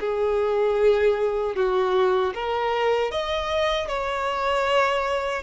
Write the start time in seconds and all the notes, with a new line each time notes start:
0.00 G#4
1.55 F#4
2.34 A#4
3.11 D#5
3.88 C#5